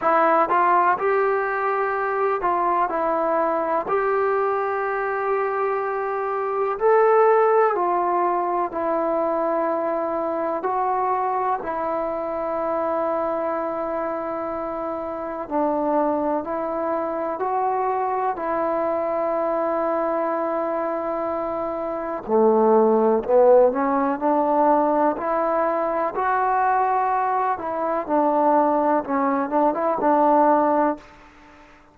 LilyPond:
\new Staff \with { instrumentName = "trombone" } { \time 4/4 \tempo 4 = 62 e'8 f'8 g'4. f'8 e'4 | g'2. a'4 | f'4 e'2 fis'4 | e'1 |
d'4 e'4 fis'4 e'4~ | e'2. a4 | b8 cis'8 d'4 e'4 fis'4~ | fis'8 e'8 d'4 cis'8 d'16 e'16 d'4 | }